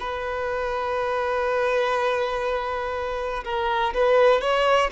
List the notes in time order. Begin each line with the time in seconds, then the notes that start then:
0.00 B4
3.45 A#4
3.94 B4
4.41 C#5